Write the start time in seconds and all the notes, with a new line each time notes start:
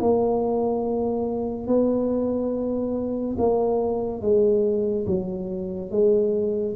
0.00 A#3
1.67 B3
3.38 A#3
4.21 G#3
5.06 F#3
5.91 G#3